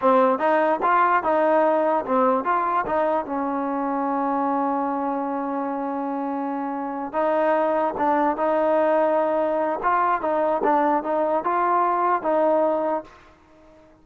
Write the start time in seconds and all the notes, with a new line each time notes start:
0.01 C4
0.39 D#4
0.82 F4
1.23 D#4
2.05 C4
2.44 F4
2.86 D#4
3.25 C#4
7.12 D#4
7.97 D4
8.36 D#4
9.82 F4
10.21 D#4
10.63 D4
11.03 D#4
11.44 F4
12.22 D#4